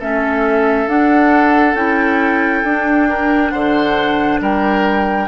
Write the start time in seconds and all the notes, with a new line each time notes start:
0.00 A3 C#4 A4 E5
0.87 D4 F#5
1.74 C#4 E4 G5
2.63 D4
3.09 A#4
3.50 D3 C5 F#5
4.40 G3 A#4 G5